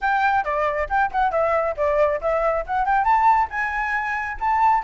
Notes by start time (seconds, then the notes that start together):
0.01 G5
0.44 D5
0.89 G5
1.11 F#5
1.31 E5
1.76 D5
2.21 E5
2.66 F#5
2.85 G5
3.04 A5
3.50 G#5
4.40 A5